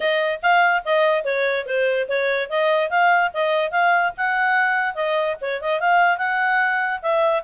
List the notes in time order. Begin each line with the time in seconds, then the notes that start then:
0.00 D#5
0.42 F5
0.85 D#5
1.24 C#5
1.66 C5
2.08 C#5
2.49 D#5
2.90 F5
3.33 D#5
3.71 F5
4.17 F#5
4.94 D#5
5.41 C#5
5.61 D#5
5.80 F5
6.17 F#5
7.02 E5